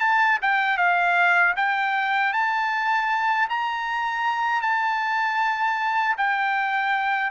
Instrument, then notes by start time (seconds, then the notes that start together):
trumpet
0.00 A5
0.42 G5
0.77 F5
1.56 G5
2.33 A5
3.50 A#5
4.62 A5
6.17 G5